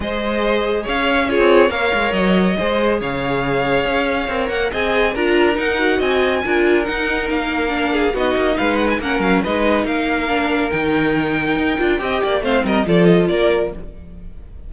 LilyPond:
<<
  \new Staff \with { instrumentName = "violin" } { \time 4/4 \tempo 4 = 140 dis''2 f''4 cis''4 | f''4 dis''2 f''4~ | f''2~ f''8 fis''8 gis''4 | ais''4 fis''4 gis''2 |
fis''4 f''2 dis''4 | f''8 fis''16 gis''16 fis''8 f''8 dis''4 f''4~ | f''4 g''2.~ | g''4 f''8 dis''8 d''8 dis''8 d''4 | }
  \new Staff \with { instrumentName = "violin" } { \time 4/4 c''2 cis''4 gis'4 | cis''2 c''4 cis''4~ | cis''2. dis''4 | ais'2 dis''4 ais'4~ |
ais'2~ ais'8 gis'8 fis'4 | b'4 ais'4 b'4 ais'4~ | ais'1 | dis''8 d''8 c''8 ais'8 a'4 ais'4 | }
  \new Staff \with { instrumentName = "viola" } { \time 4/4 gis'2. f'4 | ais'2 gis'2~ | gis'2 ais'4 gis'4 | f'4 dis'8 fis'4. f'4 |
dis'2 d'4 dis'4~ | dis'4 cis'4 dis'2 | d'4 dis'2~ dis'8 f'8 | g'4 c'4 f'2 | }
  \new Staff \with { instrumentName = "cello" } { \time 4/4 gis2 cis'4~ cis'16 c'8. | ais8 gis8 fis4 gis4 cis4~ | cis4 cis'4 c'8 ais8 c'4 | d'4 dis'4 c'4 d'4 |
dis'4 ais2 b8 ais8 | gis4 ais8 fis8 gis4 ais4~ | ais4 dis2 dis'8 d'8 | c'8 ais8 a8 g8 f4 ais4 | }
>>